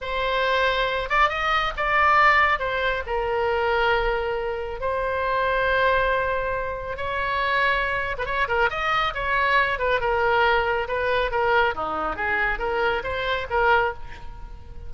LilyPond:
\new Staff \with { instrumentName = "oboe" } { \time 4/4 \tempo 4 = 138 c''2~ c''8 d''8 dis''4 | d''2 c''4 ais'4~ | ais'2. c''4~ | c''1 |
cis''2~ cis''8. b'16 cis''8 ais'8 | dis''4 cis''4. b'8 ais'4~ | ais'4 b'4 ais'4 dis'4 | gis'4 ais'4 c''4 ais'4 | }